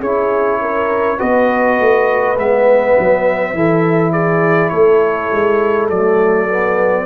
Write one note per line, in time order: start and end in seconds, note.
0.00 1.19 C#4
0.00 1.19 E4
0.00 0.59 G#4
0.00 1.20 C#5
0.62 1.18 A#4
1.18 1.80 B3
1.18 2.37 F#4
1.18 3.53 B4
1.18 2.38 D#5
1.80 2.38 A3
2.38 2.97 G#3
2.38 3.56 B3
2.38 4.13 E5
2.99 3.54 F#3
3.54 4.72 E3
3.54 5.91 E4
3.54 4.12 A4
4.12 4.71 G#4
4.12 4.70 D5
4.70 5.31 A3
4.70 7.06 A4
4.70 5.87 C#5
5.33 5.91 G#3
5.90 7.06 F#3
5.90 6.49 A3
5.90 7.06 D5
6.49 7.06 B3